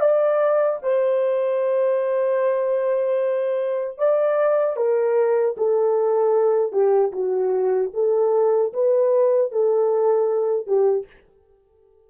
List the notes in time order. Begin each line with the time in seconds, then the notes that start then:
0.00 D5
0.82 C5
3.98 D5
4.76 A#4
5.57 A4
6.72 G4
7.12 F#4
7.93 A4
8.73 B4
9.51 A4
10.67 G4